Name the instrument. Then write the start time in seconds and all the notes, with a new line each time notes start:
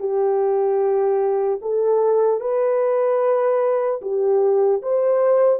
horn
0.00 G4
1.62 A4
2.40 B4
4.02 G4
4.82 C5